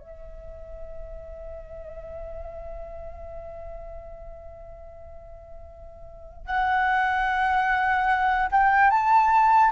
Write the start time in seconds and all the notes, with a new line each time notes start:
0.00 E5
6.46 F#5
8.51 G5
8.90 A5